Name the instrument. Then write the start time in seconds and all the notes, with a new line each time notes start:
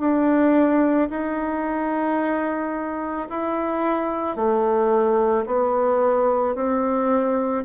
bassoon
0.00 D4
1.11 D#4
3.30 E4
4.36 A3
5.46 B3
6.56 C4